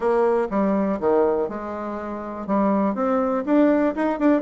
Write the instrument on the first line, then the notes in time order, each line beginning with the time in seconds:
bassoon
0.00 A#3
0.50 G3
1.00 D#3
1.48 G#3
2.46 G3
2.94 C4
3.45 D4
3.95 D#4
4.19 D4